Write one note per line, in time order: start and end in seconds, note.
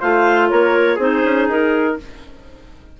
0.00 0.52 A3
0.00 0.99 F4
0.00 0.50 C5
0.00 0.49 F5
0.49 0.98 A#3
0.49 0.96 A#4
0.49 0.99 C#5
0.96 1.23 C4
0.96 1.98 D#4
0.96 1.95 G#4
0.96 1.50 C5
1.24 1.48 C#4
1.48 1.98 D#4
1.48 2.00 A#4